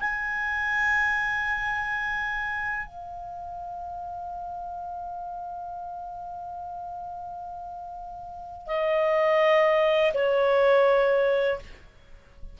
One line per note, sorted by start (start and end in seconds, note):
0.00 2.86 G#5
2.86 8.67 F5
8.67 10.12 D#5
10.14 11.59 C#5